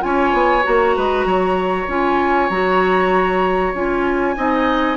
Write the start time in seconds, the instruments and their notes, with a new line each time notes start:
0.00 bassoon C#4, clarinet F4, oboe C#5, flute G#5
0.34 bassoon B3
0.63 bassoon A#3, clarinet F#4, flute A#5
0.96 bassoon G#3, oboe B4
1.25 bassoon F#3, oboe C#5
1.88 bassoon C#4, clarinet F4, flute G#5
2.50 bassoon F#3, clarinet F#4, flute A#5
3.75 bassoon C#4, clarinet F4, flute G#5
4.36 bassoon C4, clarinet D#4, oboe D#5